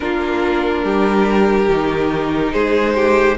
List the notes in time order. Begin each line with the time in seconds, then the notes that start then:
0.00 A#3 D4 F4 A#4
0.84 G3 G4
1.68 D#3 D#4
2.51 G#3 G#4 C5
2.95 G4